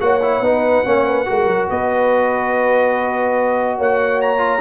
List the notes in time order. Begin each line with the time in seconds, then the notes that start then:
0.00 A#3 F#4 C#5 F#5
0.22 E4
0.40 B3 D#4 B4
0.85 A#3 C#4 C#5
1.06 B4
1.25 G#3 F#4 A#4
1.46 F#3
1.69 B3 B4 D#5
3.77 A#3 C#5 F#5
4.21 A#5
4.38 F4